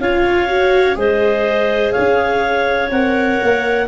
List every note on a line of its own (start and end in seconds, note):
0.00 0.96 C#4
0.00 0.49 F4
0.00 0.98 C#5
0.00 0.97 F5
0.49 0.95 F#4
0.95 1.93 G#3
0.95 2.89 G#4
0.95 1.93 C5
0.95 1.92 D#5
1.92 2.91 C#4
1.92 3.86 C#5
1.92 2.89 F5
2.91 3.39 C4
2.91 3.88 A#4
2.91 3.88 F#5
3.43 3.88 A#3